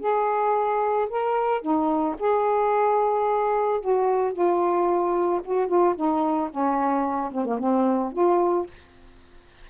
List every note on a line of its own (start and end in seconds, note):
0.00 1.08 G#4
1.09 1.62 A#4
1.62 2.16 D#4
2.19 3.81 G#4
3.81 4.33 F#4
4.33 5.41 F4
5.44 5.68 F#4
5.68 5.95 F4
5.96 6.50 D#4
6.50 7.31 C#4
7.32 7.45 C4
7.45 7.59 A#3
7.59 8.13 C4
8.13 8.67 F4